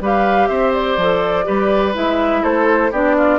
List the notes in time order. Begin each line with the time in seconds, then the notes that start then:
0.00 G3 G4 B4 F5
0.47 C4 C5 E5
0.73 D5
0.97 F3 A4
1.44 G3 G4 B4
1.94 G#3 E4 E5
2.42 A3 A4 C5
2.91 B3 D4 G4 D5
3.18 F4